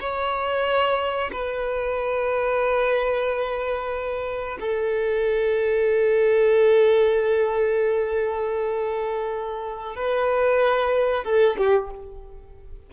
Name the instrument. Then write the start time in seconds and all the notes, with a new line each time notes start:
violin
0.00 C#5
1.32 B4
4.60 A4
9.96 B4
11.24 A4
11.57 G4